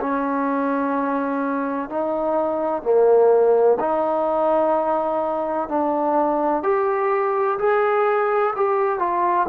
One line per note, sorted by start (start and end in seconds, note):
0.00 1.89 C#4
1.89 2.82 D#4
2.82 3.77 A#3
3.80 5.68 D#4
5.68 6.62 D4
6.62 7.58 G4
7.58 8.54 G#4
8.55 8.99 G4
8.99 9.46 F4